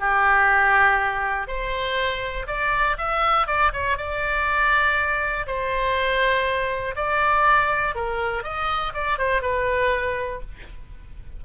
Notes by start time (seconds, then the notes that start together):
0.00 G4
1.47 C5
2.47 D5
2.98 E5
3.47 D5
3.73 C#5
3.98 D5
5.47 C5
6.96 D5
7.95 A#4
8.44 D#5
8.94 D5
9.18 C5
9.42 B4